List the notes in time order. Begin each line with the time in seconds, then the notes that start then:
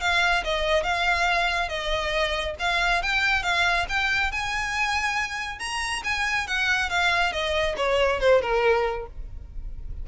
0.00 F5
0.44 D#5
0.83 F5
1.68 D#5
2.59 F5
3.02 G5
3.42 F5
3.88 G5
4.31 G#5
5.59 A#5
6.04 G#5
6.47 F#5
6.89 F5
7.32 D#5
7.76 C#5
8.20 C5
8.41 A#4